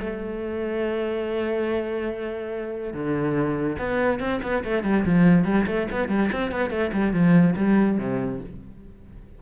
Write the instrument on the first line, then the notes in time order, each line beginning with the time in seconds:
cello
0.00 A3
2.93 D3
3.78 B3
4.19 C4
4.42 B3
4.64 A3
4.83 G3
5.05 F3
5.45 G3
5.66 A3
5.91 B3
6.08 G3
6.32 C4
6.51 B3
6.70 A3
6.92 G3
7.13 F3
7.56 G3
7.98 C3